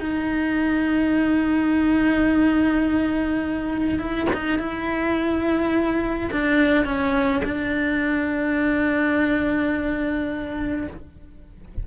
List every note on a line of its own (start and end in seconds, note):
0.00 3.99 D#4
3.99 4.27 E4
4.33 4.59 D#4
4.59 6.30 E4
6.32 6.85 D4
6.85 7.42 C#4
7.44 10.87 D4